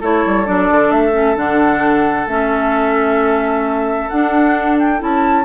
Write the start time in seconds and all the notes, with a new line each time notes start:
0.00 A3 E4 A4 C#5
0.26 G3
0.45 F#3 D4 D5
0.71 D3
0.91 A3 E5
1.12 C#4
1.35 D3 D4 F#5
2.27 A3 C#4 E5
4.09 D4 F#5
4.79 G5
4.98 C#4 E4 A5